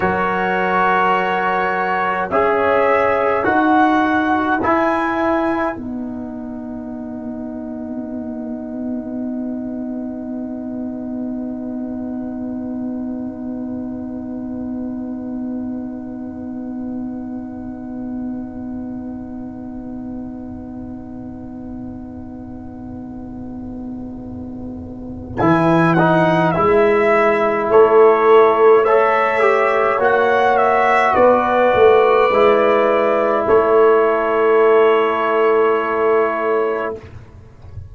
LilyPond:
<<
  \new Staff \with { instrumentName = "trumpet" } { \time 4/4 \tempo 4 = 52 cis''2 e''4 fis''4 | gis''4 fis''2.~ | fis''1~ | fis''1~ |
fis''1~ | fis''2 gis''8 fis''8 e''4 | cis''4 e''4 fis''8 e''8 d''4~ | d''4 cis''2. | }
  \new Staff \with { instrumentName = "horn" } { \time 4/4 ais'2 cis''4 b'4~ | b'1~ | b'1~ | b'1~ |
b'1~ | b'1 | a'4 cis''2 b'4~ | b'4 a'2. | }
  \new Staff \with { instrumentName = "trombone" } { \time 4/4 fis'2 gis'4 fis'4 | e'4 dis'2.~ | dis'1~ | dis'1~ |
dis'1~ | dis'2 e'8 dis'8 e'4~ | e'4 a'8 g'8 fis'2 | e'1 | }
  \new Staff \with { instrumentName = "tuba" } { \time 4/4 fis2 cis'4 dis'4 | e'4 b2.~ | b1~ | b1~ |
b1~ | b2 e4 gis4 | a2 ais4 b8 a8 | gis4 a2. | }
>>